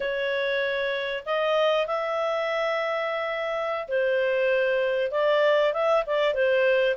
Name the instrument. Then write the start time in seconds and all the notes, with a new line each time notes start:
clarinet
0.00 C#5
1.25 D#5
1.86 E5
3.87 C5
5.11 D5
5.73 E5
6.06 D5
6.34 C5